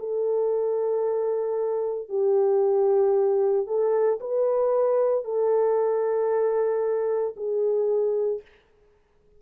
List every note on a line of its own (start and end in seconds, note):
0.00 2.09 A4
2.09 3.67 G4
3.67 4.20 A4
4.21 5.25 B4
5.25 7.35 A4
7.37 8.42 G#4